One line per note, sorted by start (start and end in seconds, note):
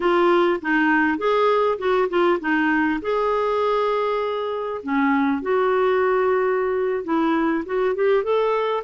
0.00 0.60 F4
0.61 1.18 D#4
1.18 1.78 G#4
1.78 2.08 F#4
2.09 2.39 F4
2.40 3.00 D#4
3.01 4.81 G#4
4.82 5.42 C#4
5.42 7.04 F#4
7.04 7.63 E4
7.65 7.95 F#4
7.95 8.23 G4
8.23 8.83 A4